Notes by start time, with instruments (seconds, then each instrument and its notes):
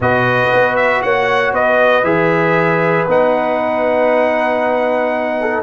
0.00 tuba B2, trombone F#4, horn B4, trumpet D#5
0.53 tuba B3
0.76 trumpet E5
1.02 tuba A#3, horn C#5, trumpet F#5
1.52 tuba B3, horn B4, trumpet D#5
2.03 tuba E3, trombone G#4, trumpet E5
3.07 tuba B3, trombone D#4, trumpet F#5
5.40 horn A4